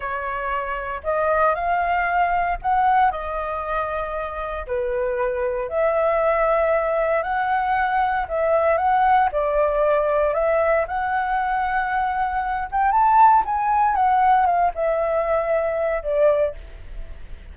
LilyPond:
\new Staff \with { instrumentName = "flute" } { \time 4/4 \tempo 4 = 116 cis''2 dis''4 f''4~ | f''4 fis''4 dis''2~ | dis''4 b'2 e''4~ | e''2 fis''2 |
e''4 fis''4 d''2 | e''4 fis''2.~ | fis''8 g''8 a''4 gis''4 fis''4 | f''8 e''2~ e''8 d''4 | }